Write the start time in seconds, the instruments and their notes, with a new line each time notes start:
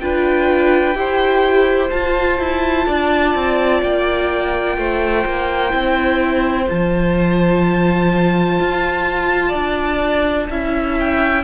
0.00 cello D4, viola F4, violin B4 G5
0.95 cello E4, viola G4, violin C5
1.90 viola F4, cello F4, violin A5
2.39 cello E4
2.87 cello D4, violin D5
3.35 cello C4
3.83 cello A#3, violin G5
4.77 cello A3, violin C5
5.25 cello A#3
5.70 cello C4, viola E4
6.67 cello F3, viola F4, violin A5
8.60 cello F4
9.49 cello D4, violin D5
10.50 cello C#4, viola E4, violin E5
11.00 violin G5